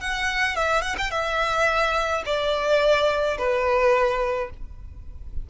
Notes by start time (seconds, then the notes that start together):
0.00 F#5
0.56 E5
0.81 F#5
0.98 G5
1.11 E5
2.25 D5
3.37 B4